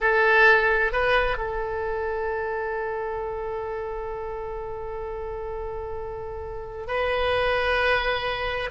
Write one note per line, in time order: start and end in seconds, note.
0.01 0.92 A4
0.92 1.37 B4
1.37 6.87 A4
6.87 8.70 B4